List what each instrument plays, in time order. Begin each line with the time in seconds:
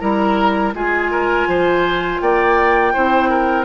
0.00 bassoon G3, clarinet E4, oboe A#4, flute A#5
0.74 bassoon G#3, clarinet F4, oboe G#4, flute G#5
1.12 oboe A#4
1.48 bassoon F3, oboe C5
2.21 bassoon A#3, oboe D5, flute G5
2.94 bassoon C4, clarinet E4, oboe C5
3.30 oboe A#4